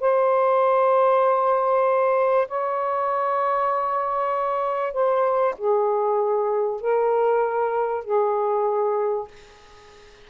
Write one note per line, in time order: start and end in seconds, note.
0.00 2.47 C5
2.48 4.93 C#5
4.93 5.55 C5
5.57 6.80 G#4
6.80 8.04 A#4
8.04 9.28 G#4